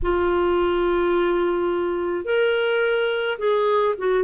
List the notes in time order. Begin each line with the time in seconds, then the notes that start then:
0.02 F4
2.24 A#4
3.38 G#4
3.97 F#4